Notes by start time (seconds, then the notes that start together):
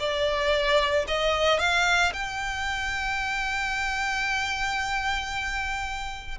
0.00 D5
1.08 D#5
1.60 F5
2.14 G5